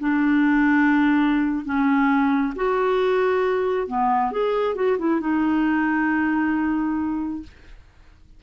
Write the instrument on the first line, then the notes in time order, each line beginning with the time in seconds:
clarinet
0.00 D4
1.65 C#4
2.56 F#4
3.87 B3
4.32 G#4
4.75 F#4
4.98 E4
5.21 D#4